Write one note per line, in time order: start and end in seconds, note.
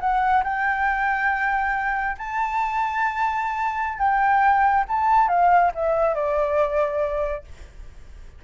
0.00 0.43 F#5
0.44 2.16 G5
2.17 3.98 A5
3.98 4.84 G5
4.88 5.28 A5
5.28 5.71 F5
5.74 6.15 E5
6.15 7.44 D5